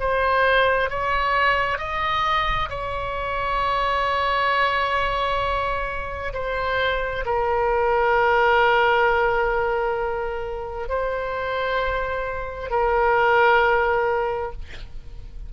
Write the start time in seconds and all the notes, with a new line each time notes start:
0.00 C5
0.90 C#5
1.79 D#5
2.70 C#5
6.34 C5
7.26 A#4
10.89 C5
12.71 A#4